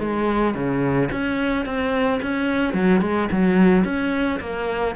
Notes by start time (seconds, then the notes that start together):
0.00 G#3
0.55 C#3
1.12 C#4
1.66 C4
2.22 C#4
2.74 F#3
3.01 G#3
3.32 F#3
3.85 C#4
4.40 A#3